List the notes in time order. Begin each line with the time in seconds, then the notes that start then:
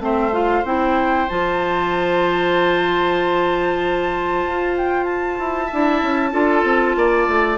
0.00 A3 C4 C5 E5
0.33 F4 F5
0.64 C4 E4 G5
1.30 F3 F4 A5
4.46 F4
4.77 G5
5.04 A5
5.39 E4
5.67 E4 E5
5.73 D4
6.02 C#4
6.32 D4 F4 A4
6.64 C4
6.96 A#3 D5
7.28 A3